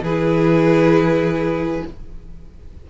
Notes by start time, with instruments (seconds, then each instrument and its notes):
0.00 cello E3, violin G#4 B4
0.08 viola E4